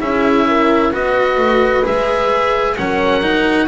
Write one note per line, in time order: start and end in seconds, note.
0.00 0.92 C#4
0.00 0.93 E4
0.00 0.46 G#4
0.00 0.93 E5
0.48 0.92 A#4
0.92 1.37 B3
0.92 1.84 F#4
0.92 2.77 B4
0.92 1.86 D#5
1.37 1.83 A3
1.84 2.78 G#3
1.84 2.76 G#4
1.84 2.77 E5
2.77 3.68 F#3
2.77 3.22 C#4
2.77 3.68 A#4
2.77 3.68 F#5
3.22 3.68 D#4